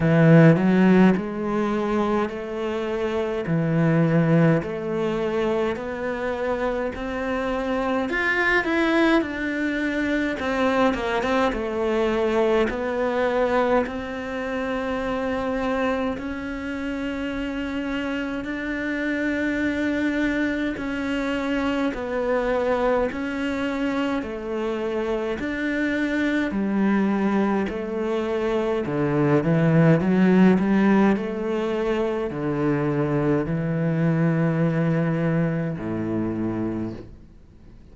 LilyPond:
\new Staff \with { instrumentName = "cello" } { \time 4/4 \tempo 4 = 52 e8 fis8 gis4 a4 e4 | a4 b4 c'4 f'8 e'8 | d'4 c'8 ais16 c'16 a4 b4 | c'2 cis'2 |
d'2 cis'4 b4 | cis'4 a4 d'4 g4 | a4 d8 e8 fis8 g8 a4 | d4 e2 a,4 | }